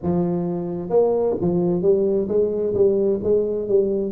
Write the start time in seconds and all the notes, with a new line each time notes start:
0.02 F3
0.89 A#3
1.40 F3
1.82 G3
2.28 G#3
2.74 G3
3.23 G#3
3.68 G3